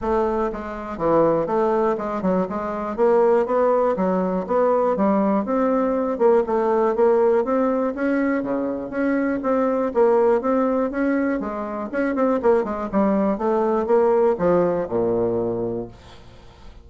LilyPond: \new Staff \with { instrumentName = "bassoon" } { \time 4/4 \tempo 4 = 121 a4 gis4 e4 a4 | gis8 fis8 gis4 ais4 b4 | fis4 b4 g4 c'4~ | c'8 ais8 a4 ais4 c'4 |
cis'4 cis4 cis'4 c'4 | ais4 c'4 cis'4 gis4 | cis'8 c'8 ais8 gis8 g4 a4 | ais4 f4 ais,2 | }